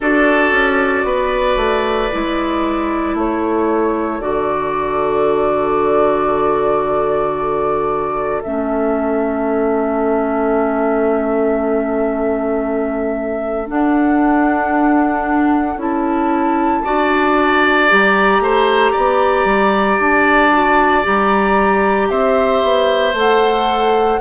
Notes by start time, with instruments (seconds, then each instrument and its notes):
0.00 bassoon D4, clarinet F#4, oboe A4, flute D5
0.51 bassoon C#4
1.04 bassoon B3, oboe B4
1.56 bassoon A3
2.11 bassoon G#3, clarinet E4
3.14 bassoon A3, oboe A4, flute C#5
4.20 bassoon D3, clarinet F#4, flute D5
8.42 bassoon A3, clarinet C#4, flute E5
13.67 clarinet D4, bassoon D4, flute F#5
15.76 bassoon C#4, clarinet E4, flute A5
16.84 bassoon D4, clarinet F#4, oboe D5
17.88 bassoon G3, clarinet G4, flute A#5
18.39 bassoon A3, oboe C5
18.92 bassoon B3, oboe D5
19.44 bassoon G3
19.99 bassoon D4, flute A5
20.52 clarinet F#4
21.02 bassoon G3, clarinet G4, flute A#5
22.09 bassoon C4, oboe C5, flute E5
22.62 bassoon B3
23.13 bassoon A3, clarinet A4, flute F#5